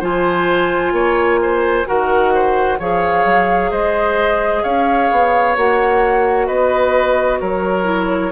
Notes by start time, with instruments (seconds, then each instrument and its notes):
0.00 bassoon F3, clarinet F4, oboe C5, flute G#5
0.92 bassoon A#3, oboe C#5
1.42 oboe C5
1.86 bassoon D#3, clarinet F#4, oboe A#4, flute F#5
2.34 oboe C5
2.79 bassoon F3, clarinet G#4, oboe C#5, flute F5
3.25 bassoon F#3
3.71 bassoon G#3, oboe C5, flute D#5
4.63 bassoon C#4, oboe C#5, flute F5
5.12 bassoon B3
5.56 bassoon A#3, clarinet F#4, flute F#5
6.47 bassoon B3, oboe B4, flute D#5
7.41 bassoon F#3, oboe A#4, flute C#5
7.84 clarinet E4